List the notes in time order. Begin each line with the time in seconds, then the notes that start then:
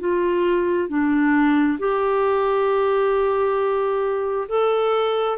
0.00 F4
0.89 D4
1.80 G4
4.49 A4